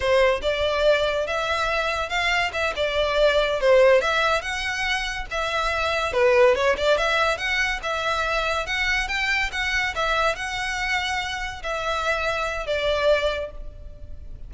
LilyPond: \new Staff \with { instrumentName = "violin" } { \time 4/4 \tempo 4 = 142 c''4 d''2 e''4~ | e''4 f''4 e''8 d''4.~ | d''8 c''4 e''4 fis''4.~ | fis''8 e''2 b'4 cis''8 |
d''8 e''4 fis''4 e''4.~ | e''8 fis''4 g''4 fis''4 e''8~ | e''8 fis''2. e''8~ | e''2 d''2 | }